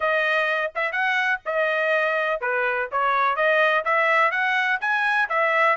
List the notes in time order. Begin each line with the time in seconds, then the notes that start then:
0.00 D#5
0.75 E5
0.91 F#5
1.45 D#5
2.40 B4
2.91 C#5
3.36 D#5
3.84 E5
4.31 F#5
4.80 G#5
5.29 E5